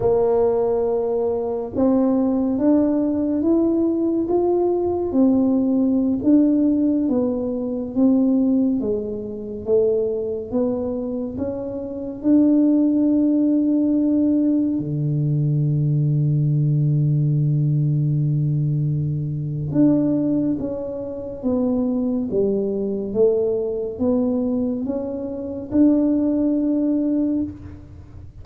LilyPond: \new Staff \with { instrumentName = "tuba" } { \time 4/4 \tempo 4 = 70 ais2 c'4 d'4 | e'4 f'4 c'4~ c'16 d'8.~ | d'16 b4 c'4 gis4 a8.~ | a16 b4 cis'4 d'4.~ d'16~ |
d'4~ d'16 d2~ d8.~ | d2. d'4 | cis'4 b4 g4 a4 | b4 cis'4 d'2 | }